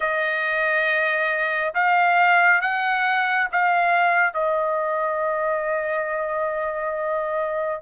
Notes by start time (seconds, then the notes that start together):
0.00 D#5
1.74 F5
2.61 F#5
3.51 F5
4.33 D#5